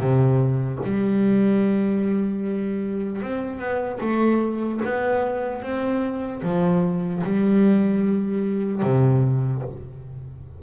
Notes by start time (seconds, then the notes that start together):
0.00 C3
0.84 G3
3.23 C4
3.59 B3
4.01 A3
4.85 B3
5.63 C4
6.43 F3
7.24 G3
8.83 C3